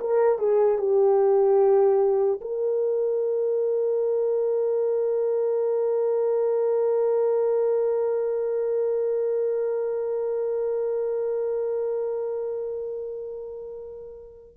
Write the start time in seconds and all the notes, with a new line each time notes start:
0.00 A#4
0.38 G#4
0.78 G4
2.41 A#4